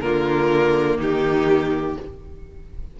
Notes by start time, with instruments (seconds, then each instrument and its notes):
0.00 cello D3, viola A#3, violin F4 A#4
0.97 cello D#3, violin D#4 G4